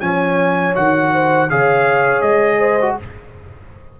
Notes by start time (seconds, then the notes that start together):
0.00 F3 C#4 C#5 G#5
0.74 D#3 F#4 F#5
1.12 C5
1.49 C#3 G#4 C#5 F5
2.21 G#3 D#5
2.58 C5
2.81 F#4